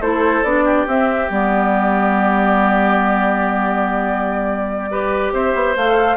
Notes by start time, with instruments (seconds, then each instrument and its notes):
0.00 bassoon A3, clarinet E4, oboe A4, flute C5
0.43 bassoon B3, clarinet D4, flute D5
0.65 oboe G4
0.87 bassoon C4, clarinet C4, flute E5
1.29 bassoon G3, clarinet B3, flute D5
4.90 clarinet G4, oboe B4
5.32 bassoon C4, oboe C5, flute E5
5.54 bassoon B3
5.76 bassoon A3, clarinet A4, flute F5